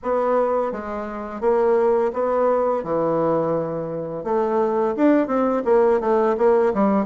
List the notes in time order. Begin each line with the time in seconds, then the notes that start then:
0.02 B3
0.72 G#3
1.41 A#3
2.13 B3
2.83 E3
4.24 A3
4.96 D4
5.27 C4
5.65 A#3
6.00 A3
6.37 A#3
6.74 G3